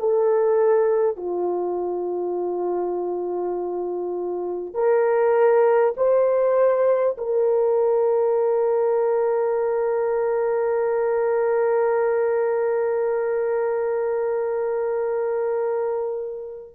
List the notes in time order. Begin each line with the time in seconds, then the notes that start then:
0.00 A4
1.17 F4
4.74 A#4
5.97 C5
7.18 A#4